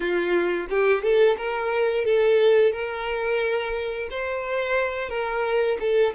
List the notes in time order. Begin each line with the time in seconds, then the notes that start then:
0.00 F4
0.69 G4
1.02 A4
1.37 A#4
2.05 A4
2.72 A#4
4.10 C5
5.09 A#4
5.80 A4